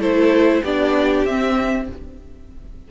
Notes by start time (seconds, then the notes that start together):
0.00 A3 E4 A4 C5
0.63 B3 D4 G4 D5
1.25 C4 E5